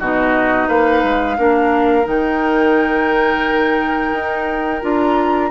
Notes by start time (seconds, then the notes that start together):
0.00 B2 D#4 F#4 D#5
0.69 A#3 B4 F5
1.04 G#3
1.37 A#3 D4 A#4
2.04 D#3 D#4 G5
4.13 D#4
4.82 D4 F4 A#5